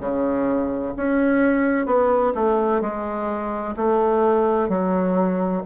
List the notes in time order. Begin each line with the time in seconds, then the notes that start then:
0.00 C#3
0.96 C#4
1.86 B3
2.35 A3
2.81 G#3
3.76 A3
4.69 F#3